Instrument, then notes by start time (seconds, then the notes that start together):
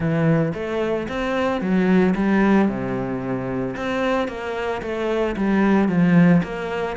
cello
0.00 E3
0.54 A3
1.08 C4
1.61 F#3
2.15 G3
2.68 C3
3.76 C4
4.28 A#3
4.81 A3
5.36 G3
5.88 F3
6.43 A#3